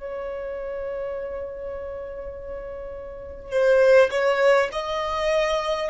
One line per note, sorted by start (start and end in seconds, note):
0.00 3.51 C#5
3.51 4.10 C5
4.11 4.70 C#5
4.72 5.90 D#5